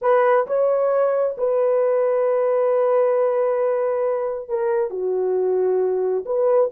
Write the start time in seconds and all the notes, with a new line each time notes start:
0.01 B4
0.46 C#5
1.37 B4
4.48 A#4
4.90 F#4
6.25 B4